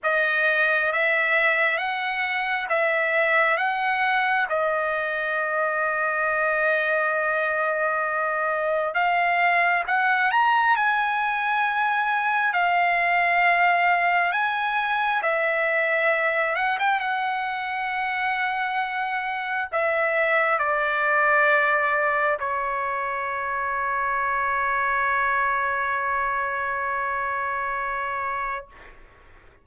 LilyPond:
\new Staff \with { instrumentName = "trumpet" } { \time 4/4 \tempo 4 = 67 dis''4 e''4 fis''4 e''4 | fis''4 dis''2.~ | dis''2 f''4 fis''8 ais''8 | gis''2 f''2 |
gis''4 e''4. fis''16 g''16 fis''4~ | fis''2 e''4 d''4~ | d''4 cis''2.~ | cis''1 | }